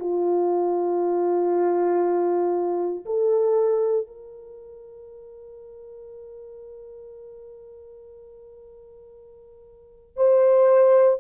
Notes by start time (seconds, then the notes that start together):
0.00 F4
3.06 A4
4.07 A#4
10.16 C5